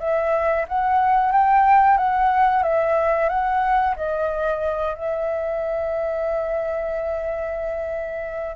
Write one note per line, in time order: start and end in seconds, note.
0.00 0.66 E5
0.69 1.32 F#5
1.32 1.98 G5
1.98 2.64 F#5
2.64 3.29 E5
3.29 3.95 F#5
3.97 4.95 D#5
4.95 8.57 E5